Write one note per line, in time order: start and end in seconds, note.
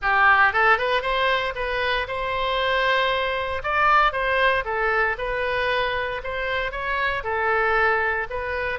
0.01 0.52 G4
0.52 0.78 A4
0.78 1.02 B4
1.02 1.53 C5
1.55 2.07 B4
2.07 3.62 C5
3.63 4.12 D5
4.12 4.64 C5
4.64 5.16 A4
5.17 6.21 B4
6.23 6.71 C5
6.71 7.23 C#5
7.23 8.27 A4
8.29 8.79 B4